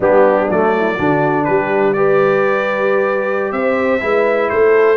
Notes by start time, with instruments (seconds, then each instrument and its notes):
0.00 tuba G3, trombone B3, horn D4, trumpet G4
0.49 tuba F#3, trombone A3, trumpet D5
0.76 horn E4
0.95 tuba D3, trombone D4, horn F#4
1.44 tuba G3, horn G4, trumpet B4
1.93 trombone G4, horn B4, trumpet D5
3.52 tuba C4, horn C5, trumpet E5
4.00 tuba G#3, trombone E4, horn B4
4.49 tuba A3, horn A4, trumpet C5